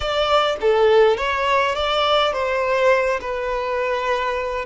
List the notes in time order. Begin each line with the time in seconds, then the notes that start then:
0.00 D5
0.60 A4
1.17 C#5
1.75 D5
2.32 C5
3.20 B4